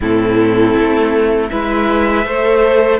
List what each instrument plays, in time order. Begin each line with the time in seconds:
0.00 cello A2, viola C4, violin E4 A4
0.74 cello A3
1.49 cello G#3, viola E4, violin B4 E5
2.25 cello A3, viola A4, violin C5